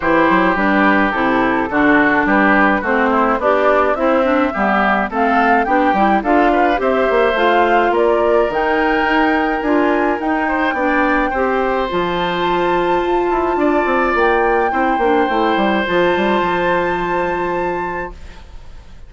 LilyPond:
<<
  \new Staff \with { instrumentName = "flute" } { \time 4/4 \tempo 4 = 106 c''4 b'4 a'2 | b'4 c''4 d''4 e''4~ | e''4 f''4 g''4 f''4 | e''4 f''4 d''4 g''4~ |
g''4 gis''4 g''2~ | g''4 a''2.~ | a''4 g''2. | a''1 | }
  \new Staff \with { instrumentName = "oboe" } { \time 4/4 g'2. fis'4 | g'4 fis'8 e'8 d'4 c'4 | g'4 a'4 g'4 a'8 b'8 | c''2 ais'2~ |
ais'2~ ais'8 c''8 d''4 | c''1 | d''2 c''2~ | c''1 | }
  \new Staff \with { instrumentName = "clarinet" } { \time 4/4 e'4 d'4 e'4 d'4~ | d'4 c'4 g'4 e'8 d'8 | b4 c'4 d'8 e'8 f'4 | g'4 f'2 dis'4~ |
dis'4 f'4 dis'4 d'4 | g'4 f'2.~ | f'2 e'8 d'8 e'4 | f'1 | }
  \new Staff \with { instrumentName = "bassoon" } { \time 4/4 e8 fis8 g4 c4 d4 | g4 a4 b4 c'4 | g4 a4 b8 g8 d'4 | c'8 ais8 a4 ais4 dis4 |
dis'4 d'4 dis'4 b4 | c'4 f2 f'8 e'8 | d'8 c'8 ais4 c'8 ais8 a8 g8 | f8 g8 f2. | }
>>